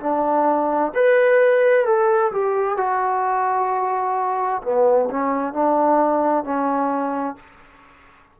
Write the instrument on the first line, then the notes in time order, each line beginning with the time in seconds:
trombone
0.00 D4
0.95 B4
1.85 A4
2.32 G4
2.77 F#4
4.63 B3
5.10 C#4
5.53 D4
6.44 C#4